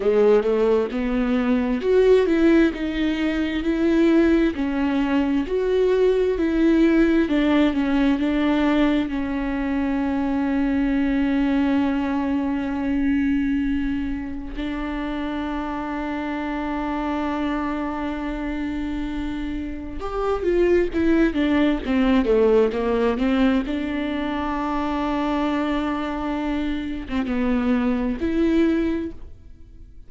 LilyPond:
\new Staff \with { instrumentName = "viola" } { \time 4/4 \tempo 4 = 66 gis8 a8 b4 fis'8 e'8 dis'4 | e'4 cis'4 fis'4 e'4 | d'8 cis'8 d'4 cis'2~ | cis'1 |
d'1~ | d'2 g'8 f'8 e'8 d'8 | c'8 a8 ais8 c'8 d'2~ | d'4.~ d'16 c'16 b4 e'4 | }